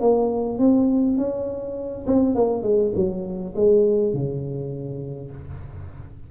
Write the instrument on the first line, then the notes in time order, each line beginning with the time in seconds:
tuba
0.00 A#3
0.59 C4
1.17 C#4
2.07 C4
2.35 A#3
2.63 G#3
2.95 F#3
3.55 G#3
4.13 C#3